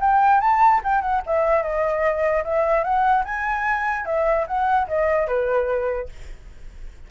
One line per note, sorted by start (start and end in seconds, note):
0.00 0.41 G5
0.41 0.81 A5
0.84 1.01 G5
1.01 1.22 F#5
1.26 1.63 E5
1.63 2.44 D#5
2.44 2.84 E5
2.84 3.24 F#5
3.25 4.06 G#5
4.06 4.46 E5
4.47 4.88 F#5
4.88 5.27 D#5
5.27 6.08 B4